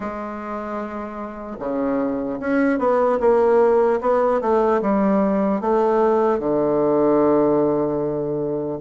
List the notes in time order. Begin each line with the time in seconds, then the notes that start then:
0.00 G#3
1.59 C#3
2.40 C#4
2.79 B3
3.20 A#3
4.00 B3
4.41 A3
4.81 G3
5.60 A3
6.39 D3